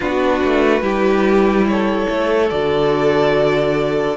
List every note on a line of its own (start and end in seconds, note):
0.00 0.43 B3
0.00 0.81 D4
0.00 0.83 F#4
0.00 1.67 B4
0.43 0.81 A3
0.81 2.06 G3
0.81 2.48 E4
0.81 1.66 G4
1.68 4.16 A4
1.68 2.50 C#5
2.08 2.50 A3
2.50 4.16 D3
2.50 4.16 F#4
2.50 4.16 D5